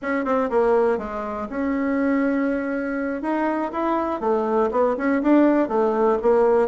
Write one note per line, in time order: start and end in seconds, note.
0.02 0.25 C#4
0.25 0.49 C4
0.50 0.97 A#3
0.97 1.47 G#3
1.49 3.21 C#4
3.21 3.71 D#4
3.72 4.20 E4
4.20 4.70 A3
4.71 4.96 B3
4.97 5.22 C#4
5.22 5.68 D4
5.68 6.18 A3
6.22 6.68 A#3